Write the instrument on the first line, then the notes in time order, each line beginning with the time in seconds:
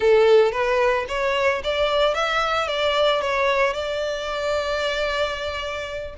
violin
0.00 A4
0.52 B4
1.08 C#5
1.63 D5
2.14 E5
2.67 D5
3.21 C#5
3.73 D5